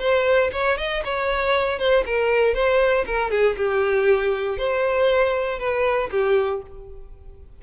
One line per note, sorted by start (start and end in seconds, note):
0.00 0.51 C5
0.53 0.78 C#5
0.78 1.04 D#5
1.05 1.79 C#5
1.79 2.05 C5
2.06 2.55 A#4
2.55 3.06 C5
3.06 3.31 A#4
3.31 3.56 G#4
3.57 4.58 G4
4.58 5.59 C5
5.59 6.10 B4
6.11 6.62 G4